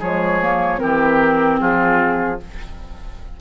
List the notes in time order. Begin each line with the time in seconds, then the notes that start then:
0.00 F3 G#3 G#4 C#5
0.42 A#3
0.78 E3 C4 G4 A#4
1.60 F3 F4 G#4